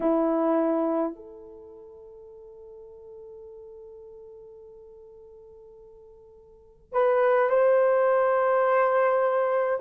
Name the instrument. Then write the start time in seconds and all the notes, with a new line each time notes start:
horn
0.00 E4
1.15 A4
6.92 B4
7.49 C5